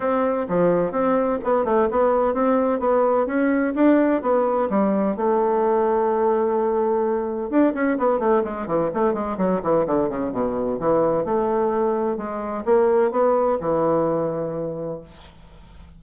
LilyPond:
\new Staff \with { instrumentName = "bassoon" } { \time 4/4 \tempo 4 = 128 c'4 f4 c'4 b8 a8 | b4 c'4 b4 cis'4 | d'4 b4 g4 a4~ | a1 |
d'8 cis'8 b8 a8 gis8 e8 a8 gis8 | fis8 e8 d8 cis8 b,4 e4 | a2 gis4 ais4 | b4 e2. | }